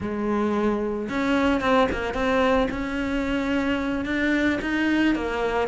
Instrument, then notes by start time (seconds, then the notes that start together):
cello
0.00 G#3
1.09 C#4
1.60 C4
1.92 A#3
2.14 C4
2.70 C#4
4.05 D4
4.61 D#4
5.15 A#3